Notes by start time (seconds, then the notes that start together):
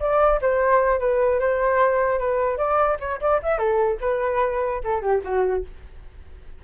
0.00 D5
0.42 C5
1.00 B4
1.40 C5
2.19 B4
2.58 D5
3.00 C#5
3.21 D5
3.43 E5
3.58 A4
4.01 B4
4.84 A4
5.02 G4
5.24 F#4